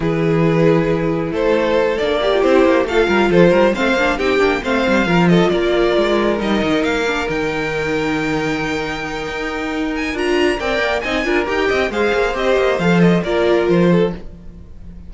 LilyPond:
<<
  \new Staff \with { instrumentName = "violin" } { \time 4/4 \tempo 4 = 136 b'2. c''4~ | c''8 d''4 c''4 f''4 c''8~ | c''8 f''4 g''4 f''4. | dis''8 d''2 dis''4 f''8~ |
f''8 g''2.~ g''8~ | g''2~ g''8 gis''8 ais''4 | g''4 gis''4 g''4 f''4 | dis''4 f''8 dis''8 d''4 c''4 | }
  \new Staff \with { instrumentName = "violin" } { \time 4/4 gis'2. a'4~ | a'4 g'4. a'8 ais'8 a'8 | ais'8 c''4 g'4 c''4 ais'8 | a'8 ais'2.~ ais'8~ |
ais'1~ | ais'1 | d''4 dis''8 ais'4 dis''8 c''4~ | c''2 ais'4. a'8 | }
  \new Staff \with { instrumentName = "viola" } { \time 4/4 e'1~ | e'8 d'8 g'16 f'16 e'4 f'4.~ | f'8 c'8 d'8 dis'8 d'8 c'4 f'8~ | f'2~ f'8 dis'4. |
d'8 dis'2.~ dis'8~ | dis'2. f'4 | ais'4 dis'8 f'8 g'4 gis'4 | g'4 a'4 f'2 | }
  \new Staff \with { instrumentName = "cello" } { \time 4/4 e2. a4~ | a8 ais4 c'8 ais8 a8 g8 f8 | g8 a8 ais8 c'8 ais8 a8 g8 f8~ | f8 ais4 gis4 g8 dis8 ais8~ |
ais8 dis2.~ dis8~ | dis4 dis'2 d'4 | c'8 ais8 c'8 d'8 dis'8 c'8 gis8 ais8 | c'8 ais8 f4 ais4 f4 | }
>>